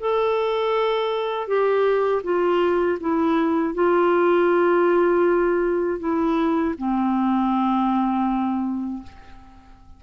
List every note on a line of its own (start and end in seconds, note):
0.00 1.48 A4
1.48 2.23 G4
2.24 2.99 F4
3.00 3.75 E4
3.75 6.00 F4
6.00 6.75 E4
6.78 9.03 C4